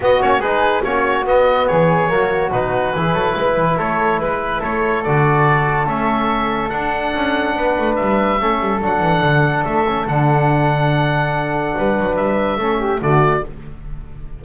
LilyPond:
<<
  \new Staff \with { instrumentName = "oboe" } { \time 4/4 \tempo 4 = 143 dis''8 cis''8 b'4 cis''4 dis''4 | cis''2 b'2~ | b'4 cis''4 b'4 cis''4 | d''2 e''2 |
fis''2. e''4~ | e''4 fis''2 e''4 | fis''1~ | fis''4 e''2 d''4 | }
  \new Staff \with { instrumentName = "flute" } { \time 4/4 fis'4 gis'4 fis'2 | gis'4 fis'2 gis'8 a'8 | b'4 a'4 b'4 a'4~ | a'1~ |
a'2 b'2 | a'1~ | a'1 | b'2 a'8 g'8 fis'4 | }
  \new Staff \with { instrumentName = "trombone" } { \time 4/4 b8 cis'8 dis'4 cis'4 b4~ | b4 ais4 dis'4 e'4~ | e'1 | fis'2 cis'2 |
d'1 | cis'4 d'2~ d'8 cis'8 | d'1~ | d'2 cis'4 a4 | }
  \new Staff \with { instrumentName = "double bass" } { \time 4/4 b8 ais8 gis4 ais4 b4 | e4 fis4 b,4 e8 fis8 | gis8 e8 a4 gis4 a4 | d2 a2 |
d'4 cis'4 b8 a8 g4 | a8 g8 fis8 e8 d4 a4 | d1 | g8 fis8 g4 a4 d4 | }
>>